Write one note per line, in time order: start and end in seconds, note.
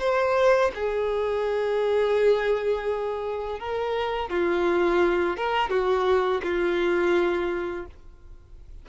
0.00 0.71 C5
0.75 3.60 G#4
3.60 4.30 A#4
4.30 5.37 F4
5.37 5.70 A#4
5.70 6.42 F#4
6.44 7.86 F4